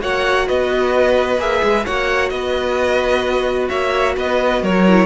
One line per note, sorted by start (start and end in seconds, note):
0.00 0.49 A#3
0.00 1.38 F#4
0.00 0.47 C#5
0.00 0.48 F#5
0.47 1.38 B3
0.47 1.85 B4
0.47 1.40 D#5
1.38 1.61 A#3
1.38 1.86 G#4
1.38 1.86 E5
1.63 1.86 G#3
1.85 2.31 A#3
1.85 4.88 F#4
1.85 2.31 C#5
1.85 2.30 F#5
2.30 3.70 B3
2.30 3.69 B4
2.30 3.68 D#5
3.69 4.17 A#3
3.69 4.15 C#5
3.69 4.15 E5
4.17 4.63 B3
4.17 4.63 B4
4.17 4.65 D#5
4.63 5.06 F#3
4.63 5.06 A#4
4.63 5.06 C#5
4.88 5.06 E4